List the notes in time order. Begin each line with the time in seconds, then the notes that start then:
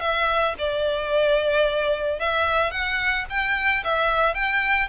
0.00 E5
0.58 D5
2.19 E5
2.71 F#5
3.29 G5
3.84 E5
4.34 G5